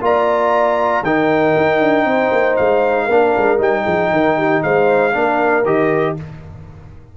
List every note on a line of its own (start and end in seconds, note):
0.00 1.02 A#3
0.00 1.03 F4
0.00 1.06 D5
0.00 1.04 A#5
1.02 1.53 D#3
1.02 3.10 D#4
1.02 2.06 A#4
1.02 2.56 G5
1.56 1.81 D#4
1.81 2.04 D4
2.04 2.30 C4
2.04 3.05 C5
2.31 2.57 A#3
2.56 3.08 G#3
2.56 3.58 F5
3.05 3.34 A#3
3.05 3.57 D4
3.05 3.82 A#4
3.37 3.58 G#3
3.57 3.84 G3
3.57 5.11 D#4
3.57 4.62 G5
3.83 4.11 F3
3.83 4.08 G#4
4.11 4.62 D#3
4.11 4.37 A#4
4.37 4.63 G4
4.62 5.14 G#3
4.62 5.13 C5
4.62 5.65 F5
5.12 5.65 A#3
5.12 5.63 D4
5.12 6.16 A#4
5.65 6.16 D#3
5.65 6.16 G4
5.65 6.16 D#5